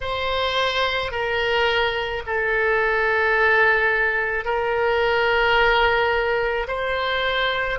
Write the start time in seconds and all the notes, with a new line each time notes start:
0.01 C5
1.11 A#4
2.26 A4
4.44 A#4
6.67 C5